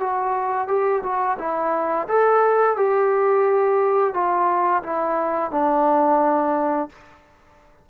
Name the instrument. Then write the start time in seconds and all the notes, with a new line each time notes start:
trombone
0.00 F#4
0.68 G4
1.03 F#4
1.39 E4
2.08 A4
2.77 G4
4.14 F4
4.83 E4
5.51 D4